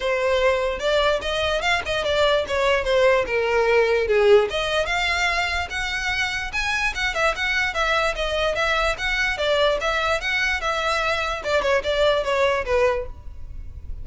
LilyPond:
\new Staff \with { instrumentName = "violin" } { \time 4/4 \tempo 4 = 147 c''2 d''4 dis''4 | f''8 dis''8 d''4 cis''4 c''4 | ais'2 gis'4 dis''4 | f''2 fis''2 |
gis''4 fis''8 e''8 fis''4 e''4 | dis''4 e''4 fis''4 d''4 | e''4 fis''4 e''2 | d''8 cis''8 d''4 cis''4 b'4 | }